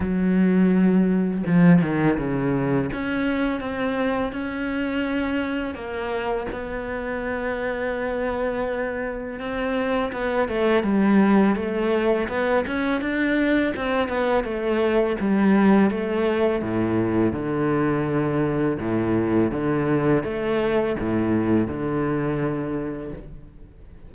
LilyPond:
\new Staff \with { instrumentName = "cello" } { \time 4/4 \tempo 4 = 83 fis2 f8 dis8 cis4 | cis'4 c'4 cis'2 | ais4 b2.~ | b4 c'4 b8 a8 g4 |
a4 b8 cis'8 d'4 c'8 b8 | a4 g4 a4 a,4 | d2 a,4 d4 | a4 a,4 d2 | }